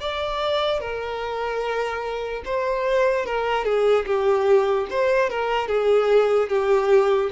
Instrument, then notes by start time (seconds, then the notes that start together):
violin
0.00 D5
0.80 A#4
2.45 C5
3.25 A#4
3.64 G#4
4.06 G4
4.90 C5
5.30 A#4
5.68 G#4
6.49 G4